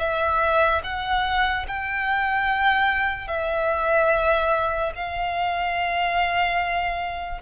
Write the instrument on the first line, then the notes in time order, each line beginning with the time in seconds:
violin
0.00 E5
0.84 F#5
1.68 G5
3.28 E5
4.96 F5